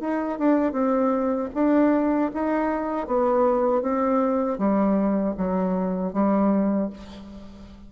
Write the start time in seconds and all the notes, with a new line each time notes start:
0.00 D#4
0.38 D4
0.72 C4
1.54 D4
2.34 D#4
3.07 B3
3.81 C4
4.58 G3
5.37 F#3
6.13 G3